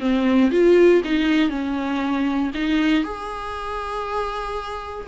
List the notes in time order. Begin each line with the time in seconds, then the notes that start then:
0.00 C4
0.52 F4
1.05 D#4
1.50 C#4
2.54 D#4
3.04 G#4